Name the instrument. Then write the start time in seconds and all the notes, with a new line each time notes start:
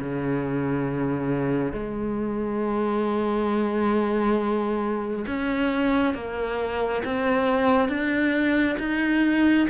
cello
0.00 C#3
1.73 G#3
5.27 C#4
6.15 A#3
7.05 C4
7.89 D4
8.80 D#4